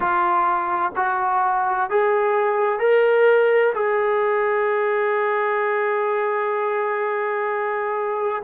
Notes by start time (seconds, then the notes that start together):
0.00 F4
0.96 F#4
1.90 G#4
2.79 A#4
3.74 G#4